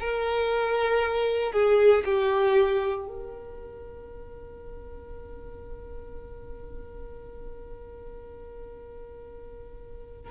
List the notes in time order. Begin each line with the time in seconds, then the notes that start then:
0.00 A#4
1.53 G#4
2.05 G4
3.08 A#4